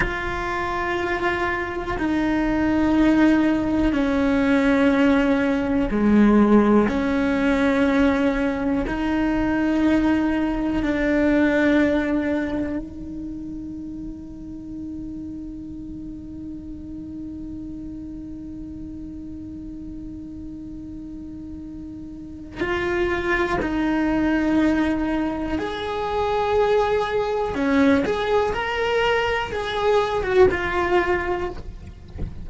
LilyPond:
\new Staff \with { instrumentName = "cello" } { \time 4/4 \tempo 4 = 61 f'2 dis'2 | cis'2 gis4 cis'4~ | cis'4 dis'2 d'4~ | d'4 dis'2.~ |
dis'1~ | dis'2. f'4 | dis'2 gis'2 | cis'8 gis'8 ais'4 gis'8. fis'16 f'4 | }